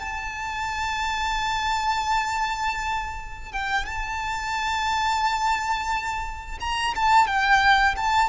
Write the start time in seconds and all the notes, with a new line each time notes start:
0.00 A5
3.53 G5
3.86 A5
6.60 A#5
6.96 A5
7.27 G5
7.97 A5